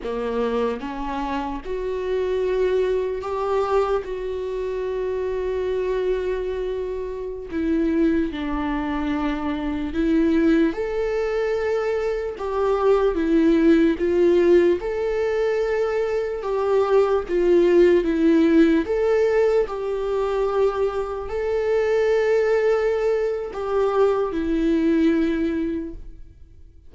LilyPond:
\new Staff \with { instrumentName = "viola" } { \time 4/4 \tempo 4 = 74 ais4 cis'4 fis'2 | g'4 fis'2.~ | fis'4~ fis'16 e'4 d'4.~ d'16~ | d'16 e'4 a'2 g'8.~ |
g'16 e'4 f'4 a'4.~ a'16~ | a'16 g'4 f'4 e'4 a'8.~ | a'16 g'2 a'4.~ a'16~ | a'4 g'4 e'2 | }